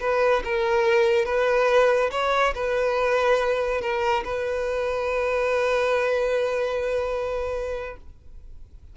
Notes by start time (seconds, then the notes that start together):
0.00 B4
0.44 A#4
1.25 B4
2.11 C#5
2.55 B4
3.81 A#4
4.24 B4